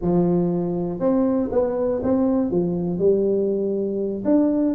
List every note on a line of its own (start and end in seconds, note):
0.01 0.99 F3
0.99 1.49 C4
1.51 2.01 B3
2.03 2.50 C4
2.50 2.98 F3
2.98 4.23 G3
4.24 4.74 D4